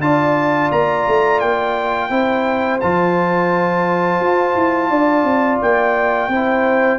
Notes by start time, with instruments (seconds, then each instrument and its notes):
0.00 tuba D4, trombone F4, horn D5, trumpet A5
0.71 tuba A#3, trumpet A#5
1.07 tuba A3
1.39 tuba A#3, trumpet G5
2.10 tuba C4, trombone E4, horn C5
2.80 tuba F3, trombone F4, trumpet A5
4.19 tuba F4
4.55 tuba E4
4.89 tuba D4, horn D5
5.24 tuba C4
5.61 tuba A#3, trumpet G5
6.28 tuba C4, trombone E4, horn C5